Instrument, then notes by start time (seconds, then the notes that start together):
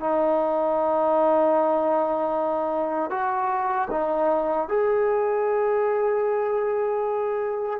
trombone
0.00 D#4
3.10 F#4
3.91 D#4
4.68 G#4